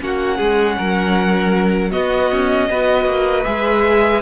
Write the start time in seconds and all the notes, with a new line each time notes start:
0.00 A#3 C#4 F#4 F#5
0.38 G#3 G#4
0.78 F#3 A#4
1.92 B3 F#4 D#5
2.32 C#4
2.70 B3 F#4 B4
3.06 A#3
3.45 G#3 G#4 E5